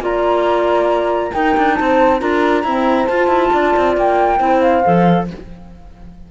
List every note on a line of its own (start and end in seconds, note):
0.00 1.31 A#3
0.00 1.33 F4
0.00 1.34 D5
0.00 1.34 A#5
1.33 2.20 D#4
1.33 1.57 D#4
1.33 1.78 A#4
1.33 1.75 G5
1.58 1.80 D4
1.75 2.22 C4
1.75 2.21 C5
1.75 2.19 A5
2.20 2.64 D4
2.20 2.64 F4
2.20 2.65 A#4
2.20 3.07 A#5
2.64 3.09 C4
2.64 3.08 E4
2.64 3.53 C5
3.07 4.38 F4
3.07 3.28 F4
3.07 3.95 A5
3.28 3.50 E4
3.53 3.75 D4
3.53 4.39 D5
3.77 3.97 C4
3.97 4.41 A#3
3.97 4.61 G5
4.38 4.84 C4
4.38 4.82 E4
4.38 5.26 C5
4.61 5.27 F5
4.84 5.31 F3
4.84 5.28 A4